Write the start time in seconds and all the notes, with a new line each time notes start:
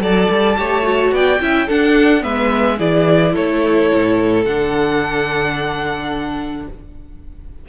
0.00 F#3 A4 D5 A5
0.30 G3
0.57 A3 G4 C#5
0.83 F#4
1.12 B3 D5 G5
1.40 C#4 E4 E5
1.67 D4 A4 F#5
2.21 G#3 B3 B4 E5
2.78 E3 E4 G#4 D5
3.33 A3 A4 C#5
3.94 A2
4.45 D3 D4 F#5